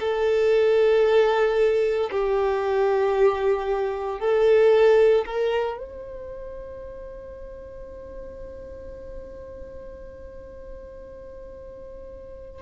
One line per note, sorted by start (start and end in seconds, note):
0.00 2.11 A4
2.11 4.21 G4
4.21 5.26 A4
5.26 5.78 A#4
5.79 12.63 C5